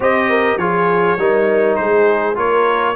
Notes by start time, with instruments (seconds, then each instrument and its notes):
0.00 tuba C4, trombone G4, horn C5, trumpet D#5
0.29 horn A#4
0.57 tuba F3, trombone F4, horn G#4, trumpet C#5
1.18 tuba G3, trombone D#4, horn A#4
1.75 tuba G#3, horn G#4, trumpet C5
2.35 tuba A#3, trombone F4, horn A#4, trumpet C#5